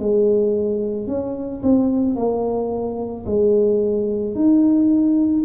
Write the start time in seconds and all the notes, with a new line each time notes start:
0.00 G#3
1.08 C#4
1.63 C4
2.16 A#3
3.26 G#3
4.35 D#4